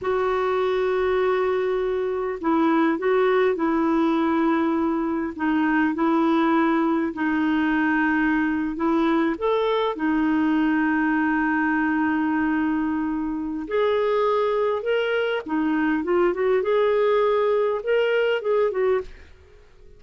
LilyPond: \new Staff \with { instrumentName = "clarinet" } { \time 4/4 \tempo 4 = 101 fis'1 | e'4 fis'4 e'2~ | e'4 dis'4 e'2 | dis'2~ dis'8. e'4 a'16~ |
a'8. dis'2.~ dis'16~ | dis'2. gis'4~ | gis'4 ais'4 dis'4 f'8 fis'8 | gis'2 ais'4 gis'8 fis'8 | }